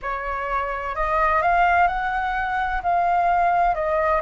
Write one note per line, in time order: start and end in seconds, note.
0.02 0.95 C#5
0.95 1.42 D#5
1.42 1.87 F5
1.87 2.81 F#5
2.83 3.75 F5
3.75 4.21 D#5